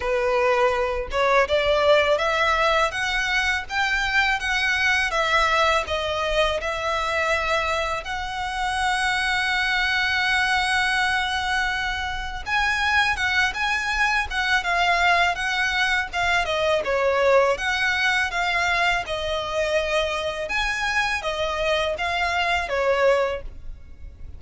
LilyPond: \new Staff \with { instrumentName = "violin" } { \time 4/4 \tempo 4 = 82 b'4. cis''8 d''4 e''4 | fis''4 g''4 fis''4 e''4 | dis''4 e''2 fis''4~ | fis''1~ |
fis''4 gis''4 fis''8 gis''4 fis''8 | f''4 fis''4 f''8 dis''8 cis''4 | fis''4 f''4 dis''2 | gis''4 dis''4 f''4 cis''4 | }